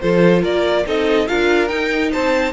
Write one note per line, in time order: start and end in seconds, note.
0.00 0.43 F3
0.00 0.84 F4
0.00 0.42 A4
0.00 0.42 C5
0.42 0.85 A#3
0.42 0.84 A#4
0.42 0.86 D5
0.86 1.28 C4
0.86 1.26 D#4
0.86 1.28 A4
0.86 1.28 D#5
1.26 1.70 D4
1.26 1.68 F4
1.26 2.12 A#4
1.26 1.68 F5
1.68 2.52 D#4
1.68 2.12 D#4
1.68 2.10 G5
2.12 2.52 C4
2.12 2.52 C5
2.12 2.52 A5